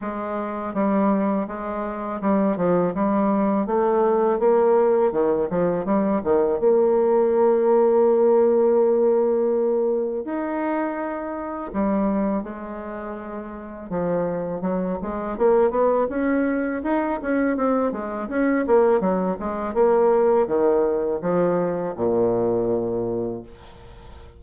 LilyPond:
\new Staff \with { instrumentName = "bassoon" } { \time 4/4 \tempo 4 = 82 gis4 g4 gis4 g8 f8 | g4 a4 ais4 dis8 f8 | g8 dis8 ais2.~ | ais2 dis'2 |
g4 gis2 f4 | fis8 gis8 ais8 b8 cis'4 dis'8 cis'8 | c'8 gis8 cis'8 ais8 fis8 gis8 ais4 | dis4 f4 ais,2 | }